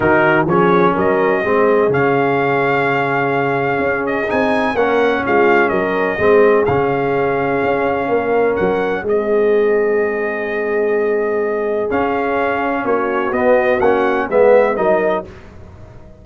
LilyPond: <<
  \new Staff \with { instrumentName = "trumpet" } { \time 4/4 \tempo 4 = 126 ais'4 cis''4 dis''2 | f''1~ | f''8 dis''8 gis''4 fis''4 f''4 | dis''2 f''2~ |
f''2 fis''4 dis''4~ | dis''1~ | dis''4 f''2 cis''4 | dis''4 fis''4 e''4 dis''4 | }
  \new Staff \with { instrumentName = "horn" } { \time 4/4 fis'4 gis'4 ais'4 gis'4~ | gis'1~ | gis'2 ais'4 f'4 | ais'4 gis'2.~ |
gis'4 ais'2 gis'4~ | gis'1~ | gis'2. fis'4~ | fis'2 b'4 ais'4 | }
  \new Staff \with { instrumentName = "trombone" } { \time 4/4 dis'4 cis'2 c'4 | cis'1~ | cis'4 dis'4 cis'2~ | cis'4 c'4 cis'2~ |
cis'2. c'4~ | c'1~ | c'4 cis'2. | b4 cis'4 b4 dis'4 | }
  \new Staff \with { instrumentName = "tuba" } { \time 4/4 dis4 f4 fis4 gis4 | cis1 | cis'4 c'4 ais4 gis4 | fis4 gis4 cis2 |
cis'4 ais4 fis4 gis4~ | gis1~ | gis4 cis'2 ais4 | b4 ais4 gis4 fis4 | }
>>